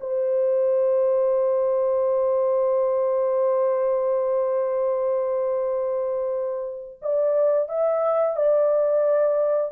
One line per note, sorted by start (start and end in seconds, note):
0.00 6.99 C5
7.01 7.68 D5
7.68 8.36 E5
8.36 9.71 D5